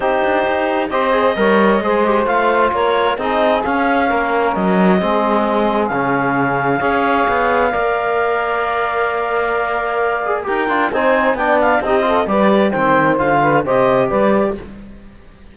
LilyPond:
<<
  \new Staff \with { instrumentName = "clarinet" } { \time 4/4 \tempo 4 = 132 c''2 dis''2~ | dis''4 f''4 cis''4 dis''4 | f''2 dis''2~ | dis''4 f''2.~ |
f''1~ | f''2. g''4 | gis''4 g''8 f''8 dis''4 d''4 | g''4 f''4 dis''4 d''4 | }
  \new Staff \with { instrumentName = "saxophone" } { \time 4/4 g'2 c''4 cis''4 | c''2 ais'4 gis'4~ | gis'4 ais'2 gis'4~ | gis'2. cis''4~ |
cis''4 d''2.~ | d''2. ais'4 | c''4 d''4 g'8 a'8 b'4 | c''4. b'8 c''4 b'4 | }
  \new Staff \with { instrumentName = "trombone" } { \time 4/4 dis'2 g'8 gis'8 ais'4 | gis'8 g'8 f'2 dis'4 | cis'2. c'4~ | c'4 cis'2 gis'4~ |
gis'4 ais'2.~ | ais'2~ ais'8 gis'8 g'8 f'8 | dis'4 d'4 dis'8 f'8 g'4 | c'4 f'4 g'2 | }
  \new Staff \with { instrumentName = "cello" } { \time 4/4 c'8 d'8 dis'4 c'4 g4 | gis4 a4 ais4 c'4 | cis'4 ais4 fis4 gis4~ | gis4 cis2 cis'4 |
b4 ais2.~ | ais2. dis'8 d'8 | c'4 b4 c'4 g4 | dis4 d4 c4 g4 | }
>>